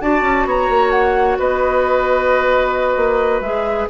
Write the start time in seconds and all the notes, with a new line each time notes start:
0.00 D4 F#4 D5 A5
0.21 C#4
0.45 B3 C#5 A#5
0.69 A#3
0.91 F#5
1.39 B3 B4 D#5
2.96 A#3
3.40 G#3 G#4 E5